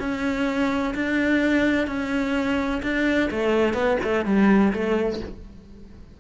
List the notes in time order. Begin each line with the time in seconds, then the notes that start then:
0.00 C#4
0.95 D4
1.87 C#4
2.83 D4
3.31 A3
3.74 B3
4.04 A3
4.26 G3
4.74 A3